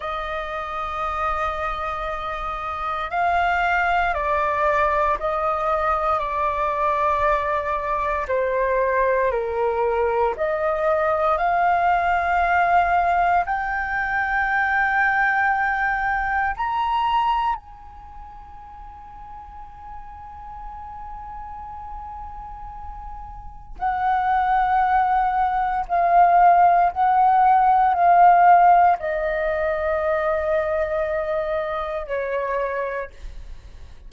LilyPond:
\new Staff \with { instrumentName = "flute" } { \time 4/4 \tempo 4 = 58 dis''2. f''4 | d''4 dis''4 d''2 | c''4 ais'4 dis''4 f''4~ | f''4 g''2. |
ais''4 gis''2.~ | gis''2. fis''4~ | fis''4 f''4 fis''4 f''4 | dis''2. cis''4 | }